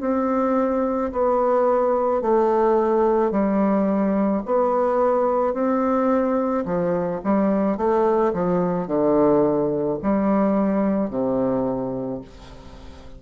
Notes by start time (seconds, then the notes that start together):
0.00 C4
1.12 B3
2.21 A3
3.31 G3
4.45 B3
5.53 C4
6.65 F3
7.24 G3
7.77 A3
8.33 F3
8.87 D3
10.02 G3
11.10 C3